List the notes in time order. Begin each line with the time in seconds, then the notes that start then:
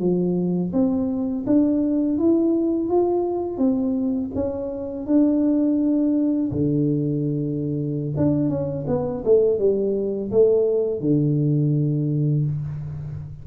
0.00 F3
0.73 C4
1.47 D4
2.19 E4
2.89 F4
3.58 C4
4.35 C#4
5.07 D4
6.52 D3
8.17 D4
8.49 C#4
8.88 B3
9.25 A3
9.59 G3
10.31 A3
11.01 D3